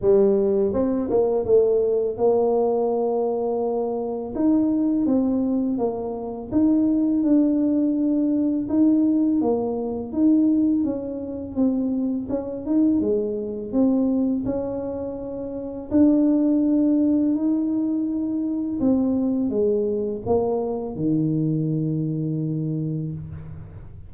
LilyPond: \new Staff \with { instrumentName = "tuba" } { \time 4/4 \tempo 4 = 83 g4 c'8 ais8 a4 ais4~ | ais2 dis'4 c'4 | ais4 dis'4 d'2 | dis'4 ais4 dis'4 cis'4 |
c'4 cis'8 dis'8 gis4 c'4 | cis'2 d'2 | dis'2 c'4 gis4 | ais4 dis2. | }